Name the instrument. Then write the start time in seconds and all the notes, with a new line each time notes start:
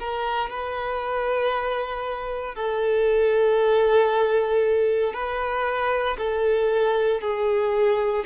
violin
0.00 A#4
0.50 B4
2.55 A4
5.14 B4
6.18 A4
7.21 G#4